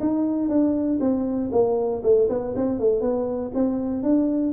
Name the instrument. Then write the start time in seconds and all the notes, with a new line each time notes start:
tuba
0.00 D#4
0.48 D4
1.00 C4
1.51 A#3
2.03 A3
2.28 B3
2.55 C4
2.79 A3
3.00 B3
3.54 C4
4.03 D4